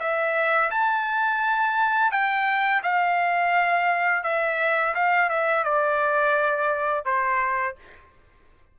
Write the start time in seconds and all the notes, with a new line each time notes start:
0.00 E5
0.71 A5
2.11 G5
2.83 F5
4.24 E5
4.95 F5
5.29 E5
5.64 D5
7.06 C5